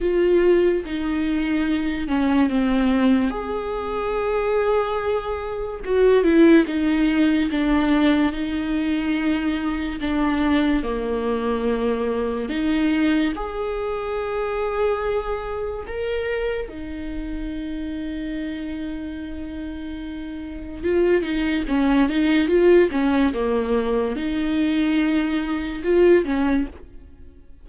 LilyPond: \new Staff \with { instrumentName = "viola" } { \time 4/4 \tempo 4 = 72 f'4 dis'4. cis'8 c'4 | gis'2. fis'8 e'8 | dis'4 d'4 dis'2 | d'4 ais2 dis'4 |
gis'2. ais'4 | dis'1~ | dis'4 f'8 dis'8 cis'8 dis'8 f'8 cis'8 | ais4 dis'2 f'8 cis'8 | }